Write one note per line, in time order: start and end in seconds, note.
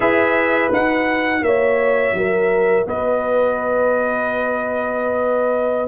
0.00 0.70 E4
0.00 0.71 G#4
0.00 1.42 B4
0.00 0.70 E5
0.71 1.41 D#4
0.71 5.87 F#4
0.71 1.43 F#5
1.41 2.12 A#3
1.41 2.17 C#5
1.41 2.86 E5
2.13 2.84 F#3
2.13 2.87 A#4
2.86 5.87 B3
2.86 5.87 B4
2.86 5.87 D#5